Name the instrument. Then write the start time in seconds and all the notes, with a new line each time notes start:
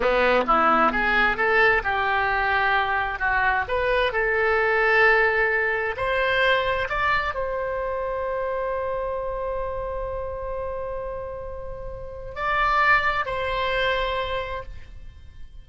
oboe
0.00 B3
0.47 E4
0.92 G#4
1.36 A4
1.83 G4
3.19 F#4
3.68 B4
4.12 A4
5.96 C5
6.89 D5
7.34 C5
12.35 D5
13.25 C5